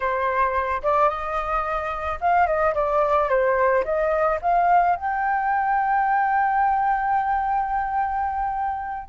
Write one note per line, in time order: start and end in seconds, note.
0.00 0.82 C5
0.83 1.09 D5
1.09 2.19 D#5
2.20 2.46 F5
2.46 2.74 D#5
2.74 3.29 D5
3.29 3.84 C5
3.84 4.39 D#5
4.41 4.95 F5
4.95 9.08 G5